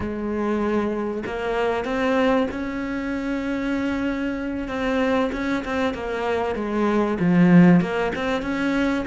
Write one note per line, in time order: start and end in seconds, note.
0.00 1.23 G#3
1.26 1.84 A#3
1.84 2.47 C4
2.51 4.68 C#4
4.68 5.30 C4
5.32 5.63 C#4
5.64 5.94 C4
5.94 6.55 A#3
6.55 7.17 G#3
7.19 7.80 F3
7.80 8.12 A#3
8.15 8.41 C4
8.41 9.04 C#4